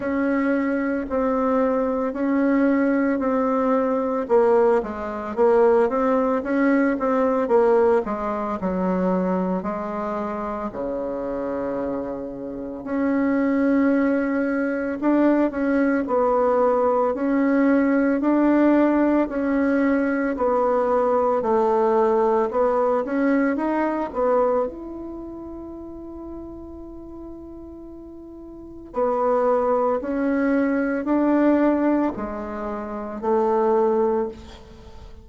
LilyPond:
\new Staff \with { instrumentName = "bassoon" } { \time 4/4 \tempo 4 = 56 cis'4 c'4 cis'4 c'4 | ais8 gis8 ais8 c'8 cis'8 c'8 ais8 gis8 | fis4 gis4 cis2 | cis'2 d'8 cis'8 b4 |
cis'4 d'4 cis'4 b4 | a4 b8 cis'8 dis'8 b8 e'4~ | e'2. b4 | cis'4 d'4 gis4 a4 | }